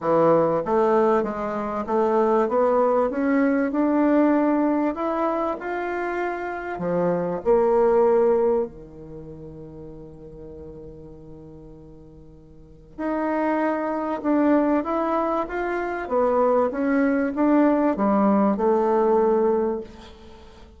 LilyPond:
\new Staff \with { instrumentName = "bassoon" } { \time 4/4 \tempo 4 = 97 e4 a4 gis4 a4 | b4 cis'4 d'2 | e'4 f'2 f4 | ais2 dis2~ |
dis1~ | dis4 dis'2 d'4 | e'4 f'4 b4 cis'4 | d'4 g4 a2 | }